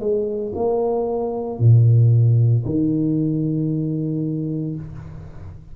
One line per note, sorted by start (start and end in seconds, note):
0.00 0.53 G#3
0.55 1.59 A#3
1.59 2.64 A#2
2.65 4.76 D#3